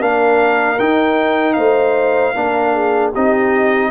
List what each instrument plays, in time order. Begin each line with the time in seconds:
0.00 tuba A#3, trombone D4, horn A#4, trumpet F5
0.79 tuba D#4, trombone D#4, trumpet G5
1.53 tuba A3, horn C5, trumpet F5
2.34 tuba A#3, trombone D4, horn A#4
2.73 horn G#4
3.12 tuba C4, trombone D#4, horn G4, trumpet D#5